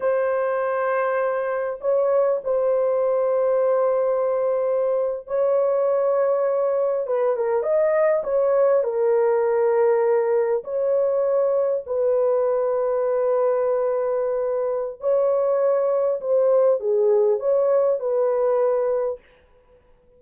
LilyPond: \new Staff \with { instrumentName = "horn" } { \time 4/4 \tempo 4 = 100 c''2. cis''4 | c''1~ | c''8. cis''2. b'16~ | b'16 ais'8 dis''4 cis''4 ais'4~ ais'16~ |
ais'4.~ ais'16 cis''2 b'16~ | b'1~ | b'4 cis''2 c''4 | gis'4 cis''4 b'2 | }